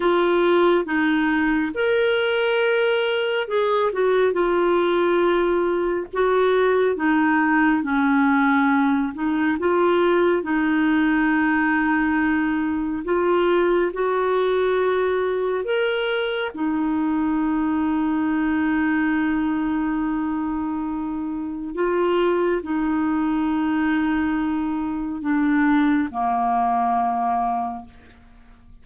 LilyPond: \new Staff \with { instrumentName = "clarinet" } { \time 4/4 \tempo 4 = 69 f'4 dis'4 ais'2 | gis'8 fis'8 f'2 fis'4 | dis'4 cis'4. dis'8 f'4 | dis'2. f'4 |
fis'2 ais'4 dis'4~ | dis'1~ | dis'4 f'4 dis'2~ | dis'4 d'4 ais2 | }